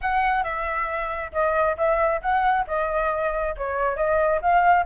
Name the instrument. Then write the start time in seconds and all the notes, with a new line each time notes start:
flute
0.01 F#5
0.43 E5
1.32 D#5
1.77 E5
2.21 F#5
2.67 D#5
3.57 C#5
3.96 D#5
4.41 F5